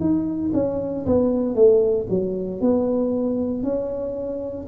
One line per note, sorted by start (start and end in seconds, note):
0.00 0.52 D#4
0.54 1.05 C#4
1.06 1.55 B3
1.55 2.06 A3
2.09 2.61 F#3
2.61 3.63 B3
3.63 4.66 C#4